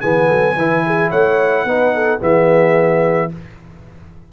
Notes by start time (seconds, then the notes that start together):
0.00 E3 B3 G#4 G#5
0.27 F#3 A4
0.56 E3 E4 B4
0.86 G#4
1.10 A3 C#5 F#5
1.64 B3 D#4 B4
1.94 A4
2.19 E3 B3 G#4 E5